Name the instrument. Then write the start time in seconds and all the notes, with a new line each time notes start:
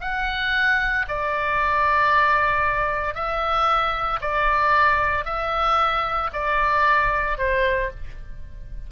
oboe
0.00 F#5
1.08 D5
3.14 E5
4.21 D5
5.25 E5
6.33 D5
7.37 C5